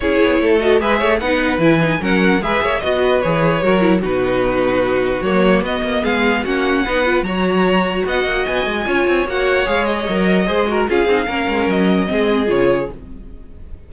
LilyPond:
<<
  \new Staff \with { instrumentName = "violin" } { \time 4/4 \tempo 4 = 149 cis''4. dis''8 e''4 fis''4 | gis''4 fis''4 e''4 dis''4 | cis''2 b'2~ | b'4 cis''4 dis''4 f''4 |
fis''2 ais''2 | fis''4 gis''2 fis''4 | f''8 dis''2~ dis''8 f''4~ | f''4 dis''2 cis''4 | }
  \new Staff \with { instrumentName = "violin" } { \time 4/4 gis'4 a'4 b'8 cis''8 b'4~ | b'4 ais'4 b'8 cis''8 dis''8 b'8~ | b'4 ais'4 fis'2~ | fis'2. gis'4 |
fis'4 b'4 cis''2 | dis''2 cis''2~ | cis''2 c''8 ais'8 gis'4 | ais'2 gis'2 | }
  \new Staff \with { instrumentName = "viola" } { \time 4/4 e'4. fis'8 gis'4 dis'4 | e'8 dis'8 cis'4 gis'4 fis'4 | gis'4 fis'8 e'8 dis'2~ | dis'4 ais4 b2 |
cis'4 dis'8 f'8 fis'2~ | fis'2 f'4 fis'4 | gis'4 ais'4 gis'8 fis'8 f'8 dis'8 | cis'2 c'4 f'4 | }
  \new Staff \with { instrumentName = "cello" } { \time 4/4 cis'8 b8 a4 gis8 a8 b4 | e4 fis4 gis8 ais8 b4 | e4 fis4 b,2~ | b,4 fis4 b8 ais8 gis4 |
ais4 b4 fis2 | b8 ais8 b8 gis8 cis'8 c'8 ais4 | gis4 fis4 gis4 cis'8 c'8 | ais8 gis8 fis4 gis4 cis4 | }
>>